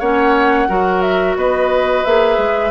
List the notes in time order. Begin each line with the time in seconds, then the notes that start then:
0.00 A#3 C#4 C#5 F#5
0.69 F#3 F#4 A#4
1.02 E5
1.36 B3 B4 D#5
2.05 A#3 G#4 E5
2.38 G#3